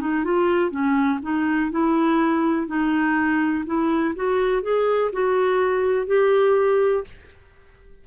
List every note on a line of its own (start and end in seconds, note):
0.00 0.24 D#4
0.24 0.70 F4
0.70 1.19 C#4
1.22 1.71 D#4
1.71 2.67 E4
2.67 3.65 D#4
3.66 4.15 E4
4.15 4.62 F#4
4.62 5.11 G#4
5.12 6.06 F#4
6.06 7.04 G4